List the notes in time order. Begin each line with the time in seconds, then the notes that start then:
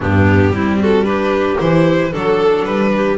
0.00 G2 B3 D4 G4
0.50 G3 C4 E4
0.79 F#4 A4
1.04 D4 G4 B4
1.59 E3 E4 C5
2.11 F#3 D4 A4
2.64 G3 B4
2.95 G4